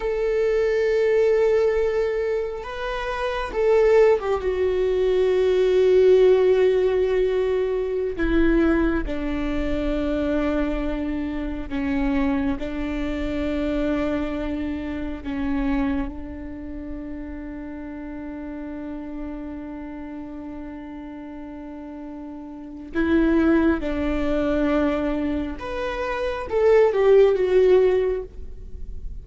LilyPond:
\new Staff \with { instrumentName = "viola" } { \time 4/4 \tempo 4 = 68 a'2. b'4 | a'8. g'16 fis'2.~ | fis'4~ fis'16 e'4 d'4.~ d'16~ | d'4~ d'16 cis'4 d'4.~ d'16~ |
d'4~ d'16 cis'4 d'4.~ d'16~ | d'1~ | d'2 e'4 d'4~ | d'4 b'4 a'8 g'8 fis'4 | }